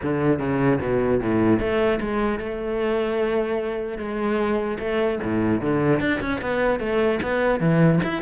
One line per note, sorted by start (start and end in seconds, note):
0.02 0.39 D3
0.39 0.79 C#3
0.80 1.20 B2
1.20 1.59 A2
1.59 1.99 A3
2.00 2.39 G#3
2.39 3.97 A3
3.97 4.77 G#3
4.79 5.19 A3
5.23 5.61 A2
5.61 6.00 D3
6.00 6.20 D4
6.21 6.41 C#4
6.41 6.79 B3
6.79 7.19 A3
7.22 7.59 B3
7.59 7.99 E3
8.03 8.22 E4